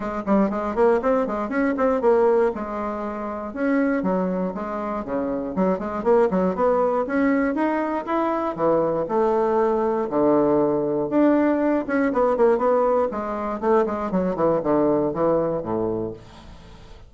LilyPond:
\new Staff \with { instrumentName = "bassoon" } { \time 4/4 \tempo 4 = 119 gis8 g8 gis8 ais8 c'8 gis8 cis'8 c'8 | ais4 gis2 cis'4 | fis4 gis4 cis4 fis8 gis8 | ais8 fis8 b4 cis'4 dis'4 |
e'4 e4 a2 | d2 d'4. cis'8 | b8 ais8 b4 gis4 a8 gis8 | fis8 e8 d4 e4 a,4 | }